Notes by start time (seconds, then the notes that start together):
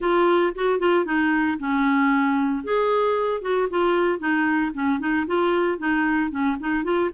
0.00 F4
0.55 F#4
0.79 F4
1.05 D#4
1.59 C#4
2.64 G#4
3.41 F#4
3.69 F4
4.19 D#4
4.74 C#4
4.99 D#4
5.26 F4
5.78 D#4
6.30 C#4
6.60 D#4
6.84 F4